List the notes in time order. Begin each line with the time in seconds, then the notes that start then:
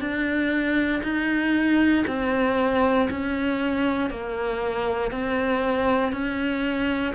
0.00 D4
1.03 D#4
2.07 C4
3.10 C#4
4.10 A#3
5.11 C4
6.12 C#4